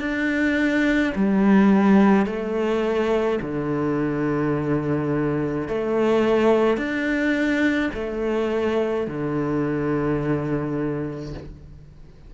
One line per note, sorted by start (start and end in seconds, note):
0.00 1.13 D4
1.15 2.26 G3
2.26 3.39 A3
3.42 5.68 D3
5.68 6.77 A3
6.77 7.91 D4
7.94 9.07 A3
9.07 11.34 D3